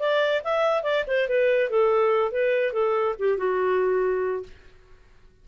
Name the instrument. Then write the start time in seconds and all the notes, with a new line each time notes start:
clarinet
0.00 D5
0.45 E5
0.84 D5
1.08 C5
1.29 B4
1.70 A4
2.32 B4
2.73 A4
3.19 G4
3.38 F#4